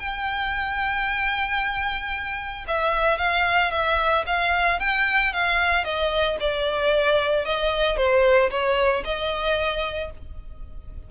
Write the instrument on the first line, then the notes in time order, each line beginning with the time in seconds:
violin
0.00 G5
2.68 E5
3.18 F5
3.72 E5
4.27 F5
4.80 G5
5.33 F5
5.85 D#5
6.40 D5
7.46 D#5
7.97 C5
8.51 C#5
9.05 D#5